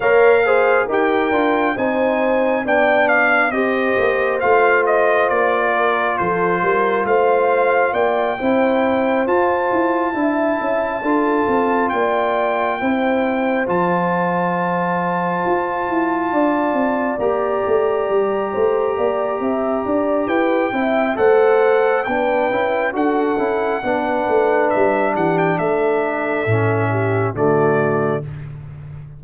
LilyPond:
<<
  \new Staff \with { instrumentName = "trumpet" } { \time 4/4 \tempo 4 = 68 f''4 g''4 gis''4 g''8 f''8 | dis''4 f''8 dis''8 d''4 c''4 | f''4 g''4. a''4.~ | a''4. g''2 a''8~ |
a''2.~ a''8 ais''8~ | ais''2. g''4 | fis''4 g''4 fis''2 | e''8 fis''16 g''16 e''2 d''4 | }
  \new Staff \with { instrumentName = "horn" } { \time 4/4 cis''8 c''8 ais'4 c''4 d''4 | c''2~ c''8 ais'8 a'8 ais'8 | c''4 d''8 c''2 e''8~ | e''8 a'4 d''4 c''4.~ |
c''2~ c''8 d''4.~ | d''4 c''8 d''8 e''8 d''8 b'8 e''8 | c''4 b'4 a'4 b'4~ | b'8 g'8 a'4. g'8 fis'4 | }
  \new Staff \with { instrumentName = "trombone" } { \time 4/4 ais'8 gis'8 g'8 f'8 dis'4 d'4 | g'4 f'2.~ | f'4. e'4 f'4 e'8~ | e'8 f'2 e'4 f'8~ |
f'2.~ f'8 g'8~ | g'2.~ g'8 e'8 | a'4 d'8 e'8 fis'8 e'8 d'4~ | d'2 cis'4 a4 | }
  \new Staff \with { instrumentName = "tuba" } { \time 4/4 ais4 dis'8 d'8 c'4 b4 | c'8 ais8 a4 ais4 f8 g8 | a4 ais8 c'4 f'8 e'8 d'8 | cis'8 d'8 c'8 ais4 c'4 f8~ |
f4. f'8 e'8 d'8 c'8 ais8 | a8 g8 a8 ais8 c'8 d'8 e'8 c'8 | a4 b8 cis'8 d'8 cis'8 b8 a8 | g8 e8 a4 a,4 d4 | }
>>